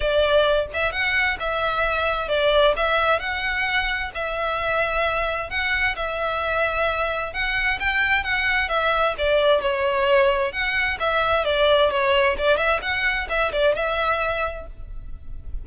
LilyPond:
\new Staff \with { instrumentName = "violin" } { \time 4/4 \tempo 4 = 131 d''4. e''8 fis''4 e''4~ | e''4 d''4 e''4 fis''4~ | fis''4 e''2. | fis''4 e''2. |
fis''4 g''4 fis''4 e''4 | d''4 cis''2 fis''4 | e''4 d''4 cis''4 d''8 e''8 | fis''4 e''8 d''8 e''2 | }